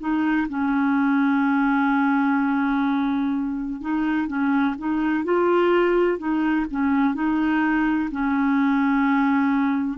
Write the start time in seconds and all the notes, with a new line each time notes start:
0.00 D#4
0.48 C#4
3.81 D#4
4.27 C#4
4.78 D#4
5.24 F4
6.18 D#4
6.71 C#4
7.14 D#4
8.11 C#4